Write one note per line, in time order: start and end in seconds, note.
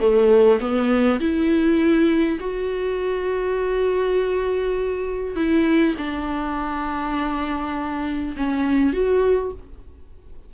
0.00 0.59 A3
0.60 1.20 B3
1.20 2.39 E4
2.40 5.36 F#4
5.36 5.95 E4
5.98 8.35 D4
8.37 8.93 C#4
8.93 9.52 F#4